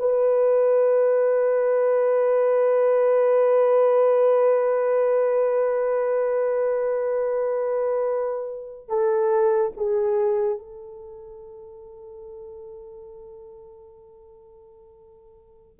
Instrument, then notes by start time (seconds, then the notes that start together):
horn
0.00 B4
8.89 A4
9.77 G#4
10.59 A4